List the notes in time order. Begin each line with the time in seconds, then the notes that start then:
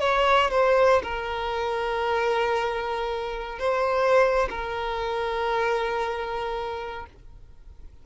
0.00 C#5
0.51 C5
1.03 A#4
3.59 C5
4.50 A#4